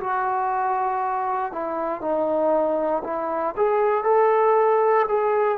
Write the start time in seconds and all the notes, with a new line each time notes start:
0.00 F#4
1.53 E4
2.01 D#4
3.05 E4
3.57 G#4
4.04 A4
5.08 G#4